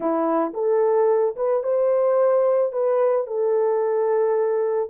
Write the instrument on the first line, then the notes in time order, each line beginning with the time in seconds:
horn
0.00 E4
0.53 A4
1.36 B4
1.63 C5
2.72 B4
3.27 A4